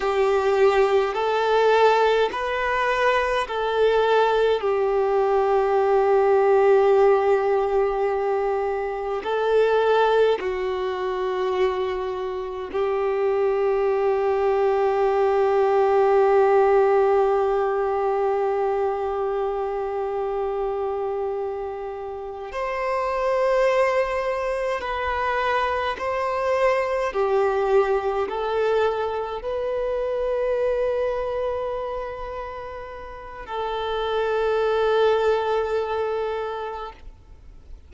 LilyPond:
\new Staff \with { instrumentName = "violin" } { \time 4/4 \tempo 4 = 52 g'4 a'4 b'4 a'4 | g'1 | a'4 fis'2 g'4~ | g'1~ |
g'2.~ g'8 c''8~ | c''4. b'4 c''4 g'8~ | g'8 a'4 b'2~ b'8~ | b'4 a'2. | }